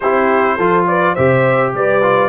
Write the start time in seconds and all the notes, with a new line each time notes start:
0.00 C4 E4 G4 C5
0.56 F3 F4 A4
0.87 B4 D5
1.13 C3 G4 C5 E5
1.74 G3 B4 D5
2.01 F4